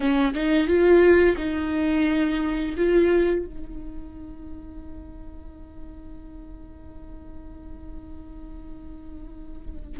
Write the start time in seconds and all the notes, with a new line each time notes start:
0.00 C#4
0.34 D#4
0.67 F4
1.37 D#4
2.76 F4
3.45 D#4